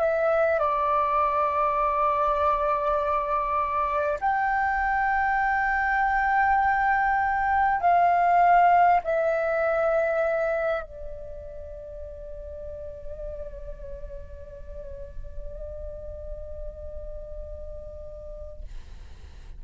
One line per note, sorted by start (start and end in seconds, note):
0.00 0.59 E5
0.59 4.19 D5
4.21 7.81 G5
7.81 9.01 F5
9.04 10.83 E5
10.83 18.63 D5